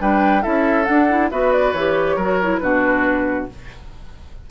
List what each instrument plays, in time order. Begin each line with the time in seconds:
0.00 bassoon G3, clarinet D4, oboe B4, flute G5
0.42 bassoon C#4, clarinet E4, oboe A4, flute E5
0.84 clarinet D4, bassoon D4, flute F#5
1.09 clarinet E4
1.30 bassoon B3, clarinet F#4, oboe B4, flute E5
1.52 flute D5
1.72 bassoon E3, clarinet G4, flute C#5
2.16 bassoon F#3, clarinet F#4, oboe A#4
2.42 clarinet E4
2.58 bassoon B2, clarinet D4, oboe F#4, flute B4